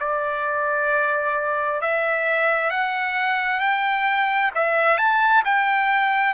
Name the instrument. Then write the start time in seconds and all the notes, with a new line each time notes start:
trumpet
0.00 D5
1.81 E5
2.70 F#5
3.60 G5
4.55 E5
4.97 A5
5.45 G5